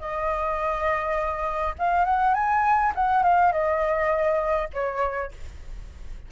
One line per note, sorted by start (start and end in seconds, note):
0.00 1.75 D#5
1.79 2.05 F5
2.05 2.35 F#5
2.35 2.93 G#5
2.95 3.24 F#5
3.24 3.53 F5
3.53 4.69 D#5
4.74 5.32 C#5